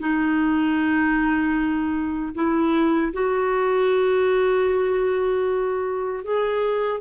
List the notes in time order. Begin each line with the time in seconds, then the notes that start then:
0.00 D#4
2.34 E4
3.13 F#4
6.24 G#4